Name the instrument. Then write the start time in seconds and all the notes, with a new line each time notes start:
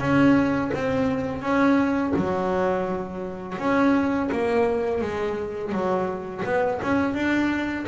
double bass
0.00 C#4
0.74 C4
1.42 C#4
2.17 F#3
3.58 C#4
4.32 A#3
5.02 G#3
5.72 F#3
6.45 B3
6.82 C#4
7.14 D4